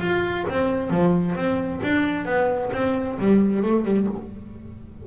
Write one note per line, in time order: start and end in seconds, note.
0.00 0.45 F4
0.49 0.90 C4
0.90 1.35 F3
1.36 1.81 C4
1.83 2.26 D4
2.26 2.71 B3
2.73 3.18 C4
3.19 3.63 G3
3.63 3.84 A3
3.84 4.07 G3